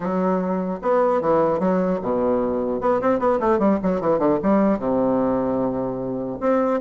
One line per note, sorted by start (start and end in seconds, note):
0.00 0.79 F#3
0.81 1.21 B3
1.21 1.59 E3
1.59 1.99 F#3
2.02 2.80 B2
2.80 3.00 B3
3.01 3.19 C4
3.19 3.39 B3
3.40 3.59 A3
3.59 3.79 G3
3.83 4.01 F#3
4.01 4.18 E3
4.18 4.38 D3
4.43 4.78 G3
4.78 6.38 C3
6.40 6.80 C4